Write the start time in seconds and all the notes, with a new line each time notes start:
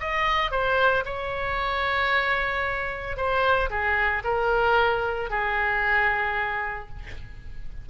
0.00 D#5
0.51 C5
1.05 C#5
3.16 C5
3.70 G#4
4.24 A#4
5.30 G#4